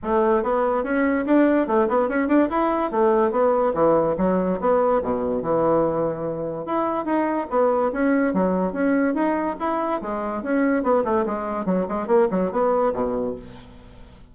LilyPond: \new Staff \with { instrumentName = "bassoon" } { \time 4/4 \tempo 4 = 144 a4 b4 cis'4 d'4 | a8 b8 cis'8 d'8 e'4 a4 | b4 e4 fis4 b4 | b,4 e2. |
e'4 dis'4 b4 cis'4 | fis4 cis'4 dis'4 e'4 | gis4 cis'4 b8 a8 gis4 | fis8 gis8 ais8 fis8 b4 b,4 | }